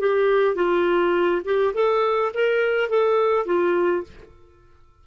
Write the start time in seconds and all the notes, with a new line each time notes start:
0.00 G4
0.55 F4
1.45 G4
1.74 A4
2.34 A#4
2.89 A4
3.46 F4